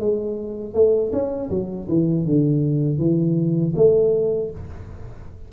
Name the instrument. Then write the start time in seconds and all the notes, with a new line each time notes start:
tuba
0.00 G#3
0.74 A3
1.12 C#4
1.50 F#3
1.89 E3
2.26 D3
2.99 E3
3.76 A3